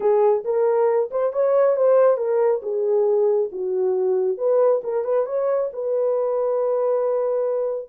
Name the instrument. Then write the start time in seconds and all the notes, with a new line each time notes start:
horn
0.00 G#4
0.44 A#4
1.10 C5
1.32 C#5
1.76 C5
2.17 A#4
2.62 G#4
3.52 F#4
4.37 B4
4.83 A#4
5.04 B4
5.26 C#5
5.73 B4